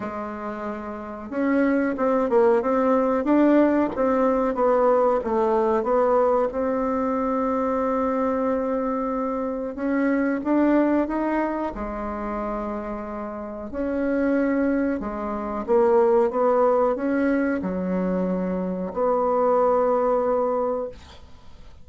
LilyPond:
\new Staff \with { instrumentName = "bassoon" } { \time 4/4 \tempo 4 = 92 gis2 cis'4 c'8 ais8 | c'4 d'4 c'4 b4 | a4 b4 c'2~ | c'2. cis'4 |
d'4 dis'4 gis2~ | gis4 cis'2 gis4 | ais4 b4 cis'4 fis4~ | fis4 b2. | }